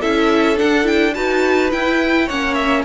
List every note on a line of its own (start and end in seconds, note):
0.00 0.59 C#4
0.00 0.56 E4
0.00 1.13 A4
0.00 0.57 E5
0.56 0.83 D4
0.56 1.16 D4
0.56 0.87 F#5
0.83 1.12 E4
0.83 1.14 G5
1.14 1.73 D#4
1.14 1.71 F#4
1.14 2.26 B4
1.14 1.70 A5
1.71 2.27 E4
1.71 2.29 E4
1.71 2.28 G5
2.26 2.85 A#3
2.26 2.85 C#4
2.26 2.82 C#5
2.26 2.54 F#5
2.54 2.82 E5